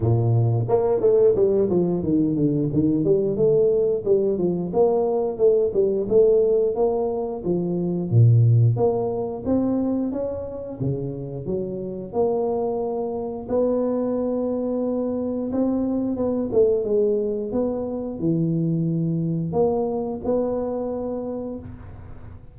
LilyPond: \new Staff \with { instrumentName = "tuba" } { \time 4/4 \tempo 4 = 89 ais,4 ais8 a8 g8 f8 dis8 d8 | dis8 g8 a4 g8 f8 ais4 | a8 g8 a4 ais4 f4 | ais,4 ais4 c'4 cis'4 |
cis4 fis4 ais2 | b2. c'4 | b8 a8 gis4 b4 e4~ | e4 ais4 b2 | }